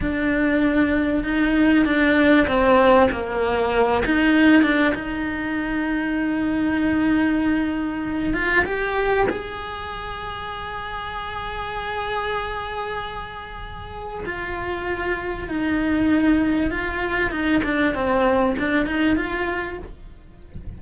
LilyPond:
\new Staff \with { instrumentName = "cello" } { \time 4/4 \tempo 4 = 97 d'2 dis'4 d'4 | c'4 ais4. dis'4 d'8 | dis'1~ | dis'4. f'8 g'4 gis'4~ |
gis'1~ | gis'2. f'4~ | f'4 dis'2 f'4 | dis'8 d'8 c'4 d'8 dis'8 f'4 | }